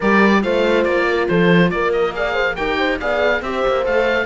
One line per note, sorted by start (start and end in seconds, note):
0.00 0.44 G3
0.00 0.42 G4
0.00 0.42 A#4
0.00 0.42 D5
0.42 0.85 A3
0.42 2.13 F4
0.42 1.08 C5
0.42 0.84 F5
0.84 1.27 A#3
0.84 1.27 D5
1.08 1.29 A#4
1.27 1.71 F3
1.27 1.72 A4
1.27 1.70 C5
1.70 2.57 A#3
1.70 2.16 A#4
1.70 1.92 D5
1.92 2.14 D#5
2.13 2.56 G#4
2.13 2.33 D5
2.13 2.55 F5
2.33 2.54 C5
2.55 3.00 D#4
2.55 3.00 G4
2.55 2.78 A#4
2.55 2.98 G5
2.78 2.99 C5
3.00 3.41 B3
3.00 3.43 G#4
3.00 3.43 D5
3.00 3.42 F5
3.41 3.63 C4
3.41 3.84 G4
3.41 4.26 C5
3.41 3.85 E5
3.67 3.86 A#3
3.84 4.26 A3
3.84 4.26 A4
3.84 4.26 F5